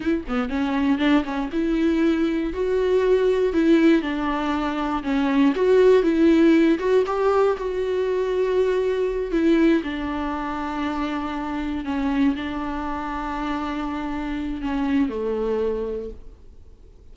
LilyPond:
\new Staff \with { instrumentName = "viola" } { \time 4/4 \tempo 4 = 119 e'8 b8 cis'4 d'8 cis'8 e'4~ | e'4 fis'2 e'4 | d'2 cis'4 fis'4 | e'4. fis'8 g'4 fis'4~ |
fis'2~ fis'8 e'4 d'8~ | d'2.~ d'8 cis'8~ | cis'8 d'2.~ d'8~ | d'4 cis'4 a2 | }